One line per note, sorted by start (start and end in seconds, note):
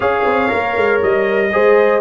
0.00 0.25 C#4
0.00 0.48 G#4
0.00 1.51 C#5
0.00 1.01 F5
0.25 0.50 C4
0.48 0.76 A#3
0.48 1.50 A#4
0.76 1.01 G#3
1.02 1.53 G3
1.02 2.01 D#5
1.52 2.01 G#3
1.52 2.01 G#4
1.52 2.01 C5